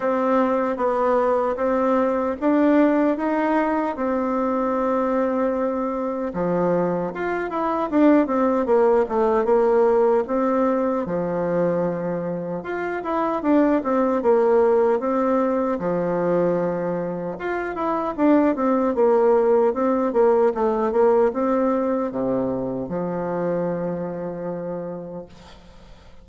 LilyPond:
\new Staff \with { instrumentName = "bassoon" } { \time 4/4 \tempo 4 = 76 c'4 b4 c'4 d'4 | dis'4 c'2. | f4 f'8 e'8 d'8 c'8 ais8 a8 | ais4 c'4 f2 |
f'8 e'8 d'8 c'8 ais4 c'4 | f2 f'8 e'8 d'8 c'8 | ais4 c'8 ais8 a8 ais8 c'4 | c4 f2. | }